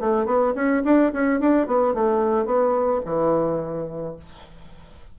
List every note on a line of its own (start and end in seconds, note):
0.00 0.26 A3
0.26 0.54 B3
0.55 0.83 C#4
0.85 1.12 D4
1.13 1.40 C#4
1.40 1.67 D4
1.67 1.94 B3
1.94 2.46 A3
2.46 3.02 B3
3.06 4.17 E3